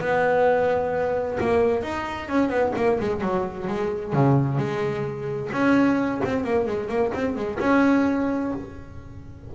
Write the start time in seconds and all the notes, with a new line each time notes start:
0.00 B3
1.40 A#3
1.83 D#4
2.28 C#4
2.49 B3
2.75 A#3
2.99 G#3
3.21 F#3
3.67 G#3
4.12 C#3
4.58 G#3
5.52 C#4
6.24 C4
6.44 A#3
6.66 G#3
6.89 A#3
7.13 C4
7.36 G#3
7.59 C#4